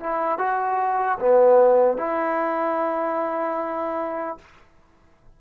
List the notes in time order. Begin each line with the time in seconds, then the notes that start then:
0.00 E4
0.38 F#4
1.19 B3
1.97 E4